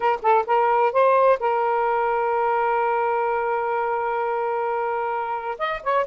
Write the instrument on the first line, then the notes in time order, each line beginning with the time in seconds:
saxophone
0.00 A#4
0.22 A4
0.46 A#4
0.92 C5
1.39 A#4
5.58 D#5
5.83 C#5